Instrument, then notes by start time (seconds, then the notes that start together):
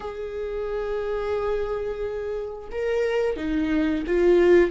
viola
0.00 G#4
2.71 A#4
3.36 D#4
4.06 F4